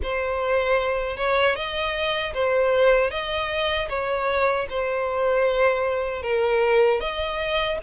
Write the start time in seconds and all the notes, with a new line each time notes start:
0.02 C5
1.17 C#5
1.55 D#5
2.34 C5
3.10 D#5
3.89 C#5
4.69 C5
6.22 A#4
7.00 D#5